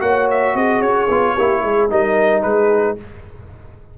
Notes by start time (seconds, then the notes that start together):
0.00 A#3 F#4 C#5 F#5
0.31 E5
0.55 C4 G#4 D#5
0.81 C#4 C#5
1.09 B3 F4
1.34 A#3 E4 G4
1.64 G#3 G#4
1.90 G3 D#4 A#4 D#5
2.42 G#3 G#4 B4